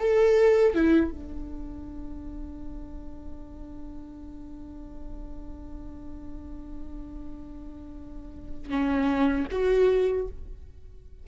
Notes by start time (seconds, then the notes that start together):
0.00 A4
0.75 E4
1.11 D4
8.70 C#4
9.52 F#4